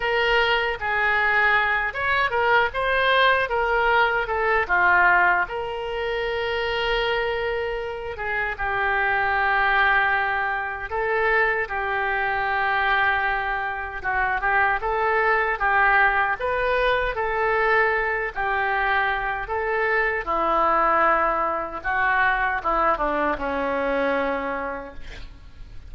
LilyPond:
\new Staff \with { instrumentName = "oboe" } { \time 4/4 \tempo 4 = 77 ais'4 gis'4. cis''8 ais'8 c''8~ | c''8 ais'4 a'8 f'4 ais'4~ | ais'2~ ais'8 gis'8 g'4~ | g'2 a'4 g'4~ |
g'2 fis'8 g'8 a'4 | g'4 b'4 a'4. g'8~ | g'4 a'4 e'2 | fis'4 e'8 d'8 cis'2 | }